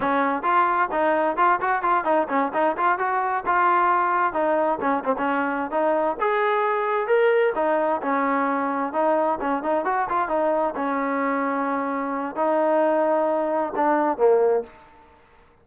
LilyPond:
\new Staff \with { instrumentName = "trombone" } { \time 4/4 \tempo 4 = 131 cis'4 f'4 dis'4 f'8 fis'8 | f'8 dis'8 cis'8 dis'8 f'8 fis'4 f'8~ | f'4. dis'4 cis'8 c'16 cis'8.~ | cis'8 dis'4 gis'2 ais'8~ |
ais'8 dis'4 cis'2 dis'8~ | dis'8 cis'8 dis'8 fis'8 f'8 dis'4 cis'8~ | cis'2. dis'4~ | dis'2 d'4 ais4 | }